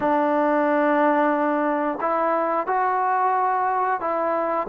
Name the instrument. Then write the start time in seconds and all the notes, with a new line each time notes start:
trombone
0.00 D4
2.00 E4
2.67 F#4
4.00 E4